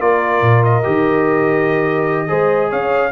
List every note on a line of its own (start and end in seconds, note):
0.00 0.41 A#3
0.00 0.84 F4
0.00 2.29 A#4
0.00 0.64 D5
0.41 0.83 A#2
0.64 2.72 D#5
0.84 2.31 D#3
0.84 2.28 G4
2.28 2.72 G#3
2.28 3.11 G#4
2.28 2.70 C5
2.70 3.13 C#4
2.70 3.12 C#5
2.70 3.13 F5